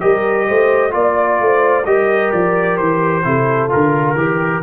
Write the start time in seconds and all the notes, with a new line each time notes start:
0.00 G3 G4 A#4 D#5
0.47 A3 C5
0.91 A#3 F4 D5
1.40 A3 C5
1.85 G3 G4 A#4 D#5
2.31 F3 D5
2.77 E3 C5
3.23 C3 E4 A4
3.69 D3 F4 A#4
4.15 E3 G4